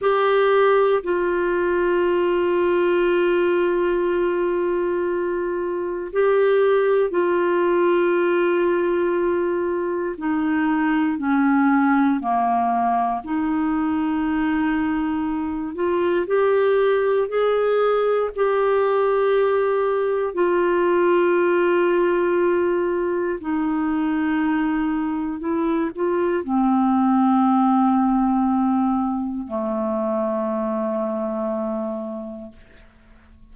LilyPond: \new Staff \with { instrumentName = "clarinet" } { \time 4/4 \tempo 4 = 59 g'4 f'2.~ | f'2 g'4 f'4~ | f'2 dis'4 cis'4 | ais4 dis'2~ dis'8 f'8 |
g'4 gis'4 g'2 | f'2. dis'4~ | dis'4 e'8 f'8 c'2~ | c'4 a2. | }